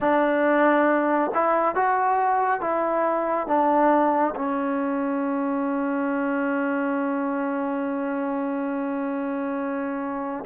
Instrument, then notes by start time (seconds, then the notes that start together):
trombone
0.00 D4
1.34 E4
1.75 F#4
2.60 E4
3.47 D4
4.35 C#4